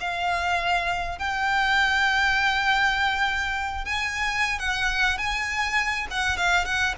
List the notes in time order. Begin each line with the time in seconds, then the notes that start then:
0.00 F5
1.19 G5
3.85 G#5
4.59 F#5
5.17 G#5
6.11 F#5
6.37 F5
6.65 F#5